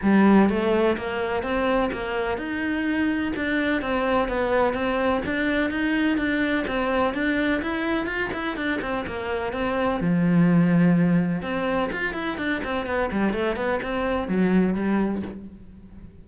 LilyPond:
\new Staff \with { instrumentName = "cello" } { \time 4/4 \tempo 4 = 126 g4 a4 ais4 c'4 | ais4 dis'2 d'4 | c'4 b4 c'4 d'4 | dis'4 d'4 c'4 d'4 |
e'4 f'8 e'8 d'8 c'8 ais4 | c'4 f2. | c'4 f'8 e'8 d'8 c'8 b8 g8 | a8 b8 c'4 fis4 g4 | }